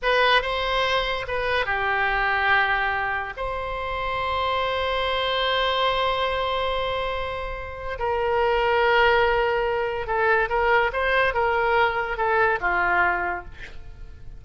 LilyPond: \new Staff \with { instrumentName = "oboe" } { \time 4/4 \tempo 4 = 143 b'4 c''2 b'4 | g'1 | c''1~ | c''1~ |
c''2. ais'4~ | ais'1 | a'4 ais'4 c''4 ais'4~ | ais'4 a'4 f'2 | }